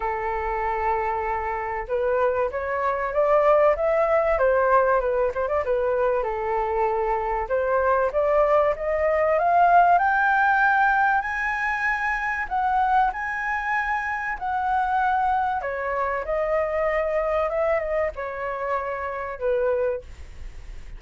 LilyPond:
\new Staff \with { instrumentName = "flute" } { \time 4/4 \tempo 4 = 96 a'2. b'4 | cis''4 d''4 e''4 c''4 | b'8 c''16 d''16 b'4 a'2 | c''4 d''4 dis''4 f''4 |
g''2 gis''2 | fis''4 gis''2 fis''4~ | fis''4 cis''4 dis''2 | e''8 dis''8 cis''2 b'4 | }